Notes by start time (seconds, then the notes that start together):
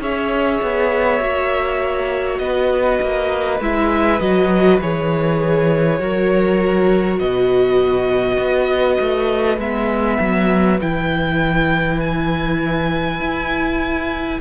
0.00 C#4 G#4 C#5 E5
0.62 B3
1.20 A#3 F#4
2.38 B3 B4 D#5
3.02 A#3
3.60 G#3 E4 E5
4.20 F#3 F#4 D#5
4.80 E3 G#4 C#5
5.99 F#3 F#4 A#4
7.19 B2 B4 D#5
8.38 B3
9.00 A3
9.58 G#3 B3 E5
10.20 F#3
10.80 E3 E4 G5
12.00 G#5
13.20 E4